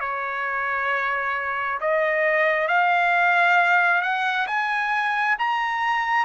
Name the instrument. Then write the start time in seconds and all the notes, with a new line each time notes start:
trumpet
0.00 C#5
1.80 D#5
2.67 F5
4.01 F#5
4.47 G#5
5.39 A#5